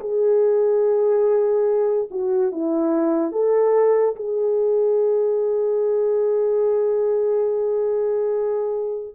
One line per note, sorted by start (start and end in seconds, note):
0.00 2.08 G#4
2.10 2.52 F#4
2.52 3.31 E4
3.31 4.15 A4
4.15 9.14 G#4